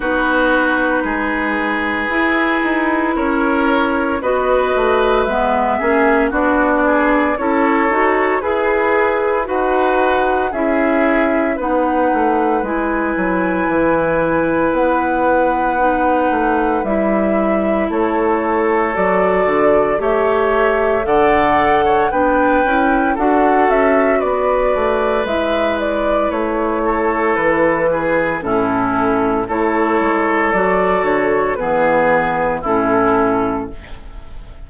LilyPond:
<<
  \new Staff \with { instrumentName = "flute" } { \time 4/4 \tempo 4 = 57 b'2. cis''4 | dis''4 e''4 d''4 cis''4 | b'4 fis''4 e''4 fis''4 | gis''2 fis''2 |
e''4 cis''4 d''4 e''4 | fis''4 g''4 fis''8 e''8 d''4 | e''8 d''8 cis''4 b'4 a'4 | cis''4 d''8 cis''8 b'4 a'4 | }
  \new Staff \with { instrumentName = "oboe" } { \time 4/4 fis'4 gis'2 ais'4 | b'4. gis'8 fis'8 gis'8 a'4 | gis'4 b'4 gis'4 b'4~ | b'1~ |
b'4 a'2 cis''4 | d''8. cis''16 b'4 a'4 b'4~ | b'4. a'4 gis'8 e'4 | a'2 gis'4 e'4 | }
  \new Staff \with { instrumentName = "clarinet" } { \time 4/4 dis'2 e'2 | fis'4 b8 cis'8 d'4 e'8 fis'8 | gis'4 fis'4 e'4 dis'4 | e'2. dis'4 |
e'2 fis'4 g'4 | a'4 d'8 e'8 fis'2 | e'2. cis'4 | e'4 fis'4 b4 cis'4 | }
  \new Staff \with { instrumentName = "bassoon" } { \time 4/4 b4 gis4 e'8 dis'8 cis'4 | b8 a8 gis8 ais8 b4 cis'8 dis'8 | e'4 dis'4 cis'4 b8 a8 | gis8 fis8 e4 b4. a8 |
g4 a4 fis8 d8 a4 | d4 b8 cis'8 d'8 cis'8 b8 a8 | gis4 a4 e4 a,4 | a8 gis8 fis8 d8 e4 a,4 | }
>>